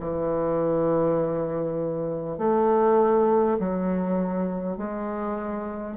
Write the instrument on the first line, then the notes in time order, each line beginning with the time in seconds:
bassoon
0.00 E3
2.38 A3
3.59 F#3
4.77 G#3